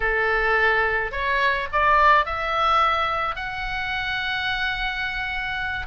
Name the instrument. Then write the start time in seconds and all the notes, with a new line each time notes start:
oboe
0.00 A4
1.11 C#5
1.72 D5
2.25 E5
3.35 F#5